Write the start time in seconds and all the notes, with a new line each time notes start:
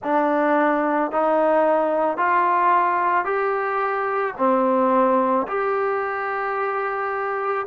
0.03 D4
1.12 D#4
2.17 F4
3.24 G4
4.37 C4
5.47 G4